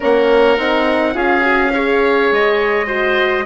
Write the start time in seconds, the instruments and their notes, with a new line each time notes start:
0.00 bassoon A#3, horn C#4, oboe A#4, trumpet F#5
0.57 bassoon C4, horn D#4
1.13 bassoon C#4, horn F4, oboe G#4, trumpet F5
1.41 horn F#4
1.73 horn G#4, oboe C#5
2.31 bassoon G#3, trumpet D#5
2.86 horn F#4, oboe C5